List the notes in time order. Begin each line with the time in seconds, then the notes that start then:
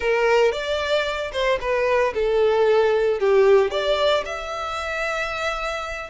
0.00 A#4
0.52 D5
1.32 C5
1.60 B4
2.14 A4
3.19 G4
3.70 D5
4.25 E5